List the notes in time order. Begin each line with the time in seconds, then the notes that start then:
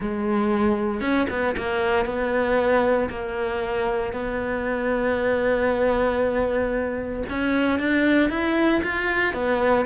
0.00 G#3
1.01 C#4
1.29 B3
1.57 A#3
2.05 B3
3.09 A#3
4.12 B3
7.29 C#4
7.79 D4
8.29 E4
8.83 F4
9.33 B3